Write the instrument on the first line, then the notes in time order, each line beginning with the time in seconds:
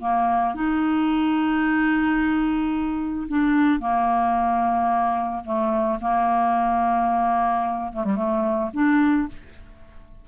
clarinet
0.00 A#3
0.54 D#4
3.28 D4
3.79 A#3
5.44 A3
6.01 A#3
7.92 A3
8.04 G3
8.15 A3
8.73 D4